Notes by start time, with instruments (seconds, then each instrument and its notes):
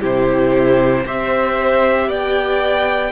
0.00 cello C3, viola E4, violin G4 C5
1.06 cello C4, viola G4, violin C5 E5
2.07 cello B3, violin D5 G5